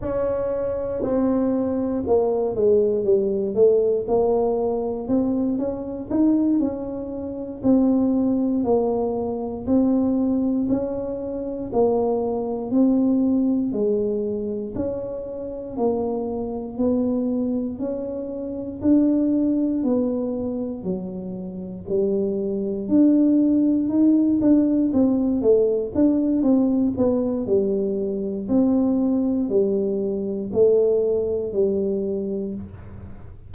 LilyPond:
\new Staff \with { instrumentName = "tuba" } { \time 4/4 \tempo 4 = 59 cis'4 c'4 ais8 gis8 g8 a8 | ais4 c'8 cis'8 dis'8 cis'4 c'8~ | c'8 ais4 c'4 cis'4 ais8~ | ais8 c'4 gis4 cis'4 ais8~ |
ais8 b4 cis'4 d'4 b8~ | b8 fis4 g4 d'4 dis'8 | d'8 c'8 a8 d'8 c'8 b8 g4 | c'4 g4 a4 g4 | }